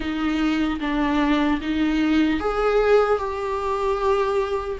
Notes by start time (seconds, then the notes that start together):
0.00 D#4
0.80 D4
1.61 D#4
2.40 G#4
3.18 G4